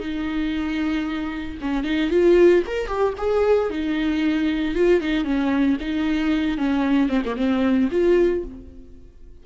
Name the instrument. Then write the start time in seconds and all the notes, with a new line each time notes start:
viola
0.00 D#4
1.61 C#4
1.84 D#4
2.11 F4
2.67 A#4
2.87 G4
3.18 G#4
3.70 D#4
4.75 F4
5.01 D#4
5.25 C#4
5.81 D#4
6.58 C#4
7.09 C4
7.26 A#3
7.37 C4
7.91 F4